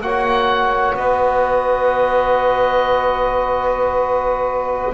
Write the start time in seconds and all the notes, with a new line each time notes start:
0.00 A#3 F#4 C#5 F#5
0.94 B3 B4 D#5